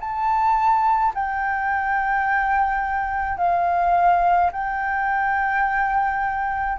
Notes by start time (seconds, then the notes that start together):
0.00 A5
1.15 G5
3.38 F5
4.52 G5